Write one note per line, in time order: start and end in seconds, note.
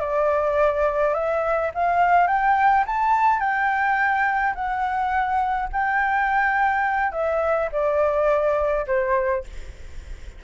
0.00 1.14 D5
1.14 1.71 E5
1.74 2.27 F5
2.27 2.84 G5
2.86 3.40 A5
3.40 4.54 G5
4.55 5.69 F#5
5.72 7.12 G5
7.12 7.69 E5
7.72 8.86 D5
8.86 9.44 C5